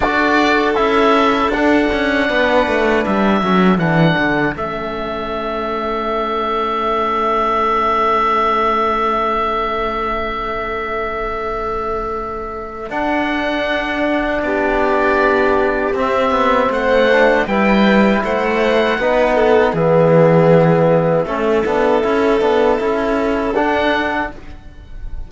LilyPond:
<<
  \new Staff \with { instrumentName = "oboe" } { \time 4/4 \tempo 4 = 79 d''4 e''4 fis''2 | e''4 fis''4 e''2~ | e''1~ | e''1~ |
e''4 fis''2 d''4~ | d''4 e''4 fis''4 g''4 | fis''2 e''2~ | e''2. fis''4 | }
  \new Staff \with { instrumentName = "violin" } { \time 4/4 a'2. b'4~ | b'8 a'2.~ a'8~ | a'1~ | a'1~ |
a'2. g'4~ | g'2 c''4 b'4 | c''4 b'8 a'8 gis'2 | a'1 | }
  \new Staff \with { instrumentName = "trombone" } { \time 4/4 fis'4 e'4 d'2~ | d'8 cis'8 d'4 cis'2~ | cis'1~ | cis'1~ |
cis'4 d'2.~ | d'4 c'4. d'8 e'4~ | e'4 dis'4 b2 | cis'8 d'8 e'8 d'8 e'4 d'4 | }
  \new Staff \with { instrumentName = "cello" } { \time 4/4 d'4 cis'4 d'8 cis'8 b8 a8 | g8 fis8 e8 d8 a2~ | a1~ | a1~ |
a4 d'2 b4~ | b4 c'8 b8 a4 g4 | a4 b4 e2 | a8 b8 cis'8 b8 cis'4 d'4 | }
>>